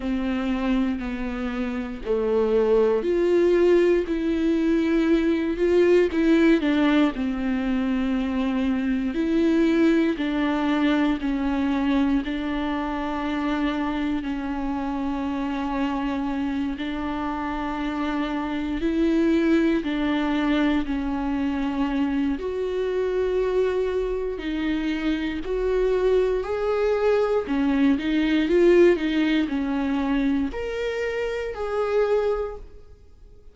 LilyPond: \new Staff \with { instrumentName = "viola" } { \time 4/4 \tempo 4 = 59 c'4 b4 a4 f'4 | e'4. f'8 e'8 d'8 c'4~ | c'4 e'4 d'4 cis'4 | d'2 cis'2~ |
cis'8 d'2 e'4 d'8~ | d'8 cis'4. fis'2 | dis'4 fis'4 gis'4 cis'8 dis'8 | f'8 dis'8 cis'4 ais'4 gis'4 | }